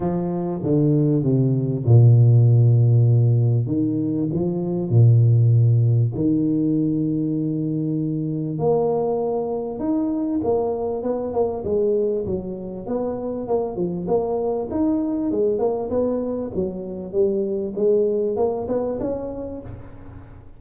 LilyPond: \new Staff \with { instrumentName = "tuba" } { \time 4/4 \tempo 4 = 98 f4 d4 c4 ais,4~ | ais,2 dis4 f4 | ais,2 dis2~ | dis2 ais2 |
dis'4 ais4 b8 ais8 gis4 | fis4 b4 ais8 f8 ais4 | dis'4 gis8 ais8 b4 fis4 | g4 gis4 ais8 b8 cis'4 | }